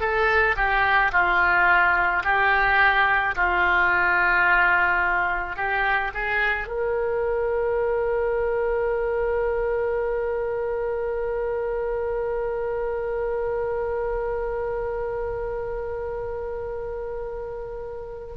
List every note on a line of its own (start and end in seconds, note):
0.00 0.56 A4
0.56 1.12 G4
1.12 2.23 F4
2.24 3.35 G4
3.35 5.56 F4
5.56 6.12 G4
6.14 6.67 G#4
6.67 18.34 A#4